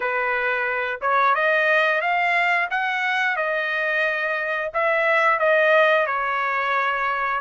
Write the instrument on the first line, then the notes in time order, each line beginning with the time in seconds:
trumpet
0.00 B4
1.01 C#5
1.34 D#5
2.01 F5
2.70 F#5
3.36 D#5
4.73 E5
5.39 D#5
6.06 C#5